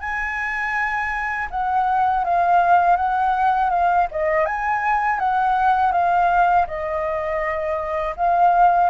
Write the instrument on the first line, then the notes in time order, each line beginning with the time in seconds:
flute
0.00 G#5
1.51 F#5
2.25 F5
2.97 F#5
3.70 F5
4.11 D#5
4.46 G#5
5.19 F#5
5.92 F5
6.67 D#5
8.16 F5